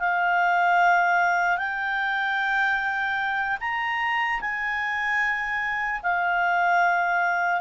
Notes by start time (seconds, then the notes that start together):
0.00 F5
1.58 G5
3.61 A#5
4.41 G#5
6.03 F5